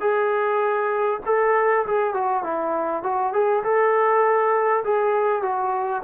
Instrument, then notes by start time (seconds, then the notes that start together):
trombone
0.00 G#4
1.25 A4
1.86 G#4
2.14 F#4
2.43 E4
3.03 F#4
3.33 G#4
3.63 A4
4.84 G#4
5.42 F#4